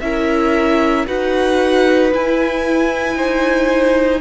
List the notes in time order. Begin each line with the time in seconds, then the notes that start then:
0.00 C#4 E4 A#4 E5
1.06 D#4 F#4 B4 F#5
2.12 E4 G#5
3.15 D#4 C5